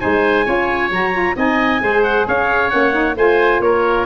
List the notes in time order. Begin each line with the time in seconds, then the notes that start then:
0.00 G#3 D#4 C5 G#5
0.45 C#4 F4 C#5
0.90 F#3 F#4 A#5
1.13 F4
1.36 C4 D#4 D#5 G#5
1.81 G#3 G#4 C5
2.03 F#5
2.27 C#4 C#5 F5
2.69 A#3 C#4 F#5
2.92 D#4
3.15 A3 F4 C5 G#5
3.60 A#3 A#4 C#5